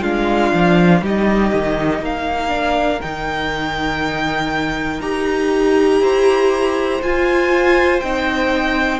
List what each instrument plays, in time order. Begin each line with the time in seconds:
0.00 cello G#3, viola D4, violin F4 F5
0.53 cello F3
1.01 cello G3, viola D#4, violin G4 D#5
1.53 cello D#3
1.99 cello A#3, violin A#4 F5
2.48 viola D4
3.01 cello D#3, viola D#4, violin G5
5.00 cello D#4, viola G4, violin A#5
6.00 cello E4, violin C5
7.02 cello F4, viola F4, violin G#5
8.00 cello C4, viola D#4, violin G5